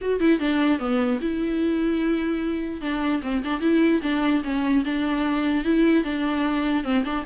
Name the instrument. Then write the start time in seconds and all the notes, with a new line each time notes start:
viola
0.01 F#4
0.20 E4
0.39 D4
0.79 B3
1.21 E4
2.81 D4
3.22 C4
3.44 D4
3.60 E4
4.02 D4
4.43 C#4
4.84 D4
5.64 E4
6.03 D4
6.83 C4
7.04 D4